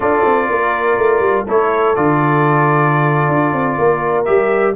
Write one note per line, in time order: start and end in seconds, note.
0.00 0.23 D4
0.00 1.46 F4
0.00 0.48 A4
0.00 1.46 D5
0.25 0.49 C4
0.49 0.97 A#3
0.49 1.45 A#4
0.97 1.19 A3
1.19 1.44 G3
1.45 1.96 A3
1.45 1.95 E4
1.45 3.77 A4
1.45 1.95 C#5
1.95 3.28 D3
1.95 4.25 F4
1.95 4.24 D5
3.28 3.52 D4
3.53 3.77 C4
3.78 4.27 A#3
3.78 4.75 A#4
4.24 4.76 G3
4.24 4.74 G4
4.24 4.73 E5